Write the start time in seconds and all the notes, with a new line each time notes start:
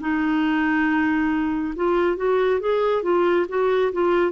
0.00 D#4
1.76 F4
2.17 F#4
2.60 G#4
3.03 F4
3.49 F#4
3.93 F4